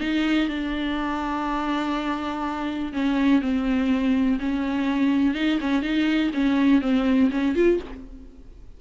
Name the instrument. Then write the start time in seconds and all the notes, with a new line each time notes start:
viola
0.00 D#4
0.49 D4
2.93 C#4
3.41 C4
4.39 C#4
5.35 D#4
5.61 C#4
5.82 D#4
6.33 C#4
6.81 C4
7.31 C#4
7.55 F4